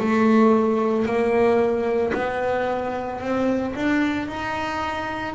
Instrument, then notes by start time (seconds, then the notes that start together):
double bass
0.00 A3
1.06 A#3
2.14 B3
3.21 C4
3.75 D4
4.29 D#4